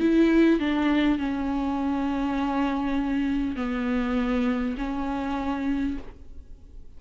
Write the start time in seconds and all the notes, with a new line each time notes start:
0.00 E4
0.59 D4
1.18 C#4
3.56 B3
4.77 C#4